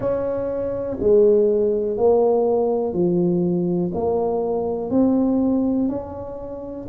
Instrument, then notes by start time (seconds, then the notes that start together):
tuba
0.00 C#4
1.00 G#3
1.97 A#3
2.93 F3
3.93 A#3
4.90 C4
5.88 C#4